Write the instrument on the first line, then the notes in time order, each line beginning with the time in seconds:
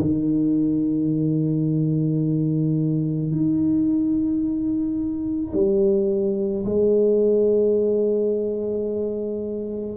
tuba
0.00 D#3
3.32 D#4
5.54 G3
6.65 G#3